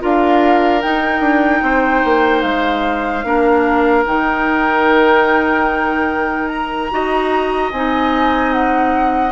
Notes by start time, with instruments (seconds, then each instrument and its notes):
0.00 bassoon D4, clarinet F4, oboe A#4, flute F5
0.82 clarinet D#4, bassoon D#4, flute G5
1.20 bassoon D4
1.62 bassoon C4, oboe C5
2.05 bassoon A#3
2.42 bassoon G#3, flute F5
3.24 bassoon A#3, clarinet D4, oboe A#4
4.06 bassoon D#3, clarinet D#4, flute G5
6.48 flute A#5
6.91 bassoon D#4, clarinet F#4, oboe D#5
7.72 bassoon C4, clarinet D#4, flute G#5
8.53 flute F#5